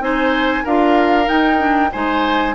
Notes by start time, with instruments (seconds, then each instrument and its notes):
0.00 bassoon C4, clarinet D#4, oboe C5, flute G#5
0.64 bassoon D4, clarinet F4, oboe A#4, flute F5
1.25 clarinet D#4, bassoon D#4, flute G5
1.58 clarinet D4
1.92 bassoon G#3, clarinet D#4, oboe C5, flute G#5